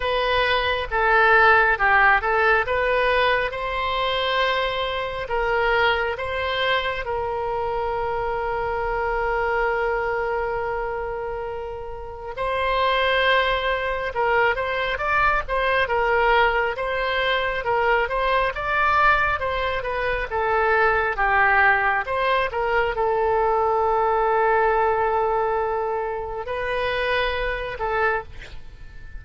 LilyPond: \new Staff \with { instrumentName = "oboe" } { \time 4/4 \tempo 4 = 68 b'4 a'4 g'8 a'8 b'4 | c''2 ais'4 c''4 | ais'1~ | ais'2 c''2 |
ais'8 c''8 d''8 c''8 ais'4 c''4 | ais'8 c''8 d''4 c''8 b'8 a'4 | g'4 c''8 ais'8 a'2~ | a'2 b'4. a'8 | }